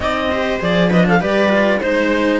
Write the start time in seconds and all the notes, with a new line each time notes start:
0.00 C4 D#4 D5 D#5
0.31 G4 C5
0.60 F3 G#4 D5
0.89 D4 B4 D#5
1.08 A4 F5
1.20 G3 G4 B4 D5
1.49 F4
1.79 G#3 D#4 C5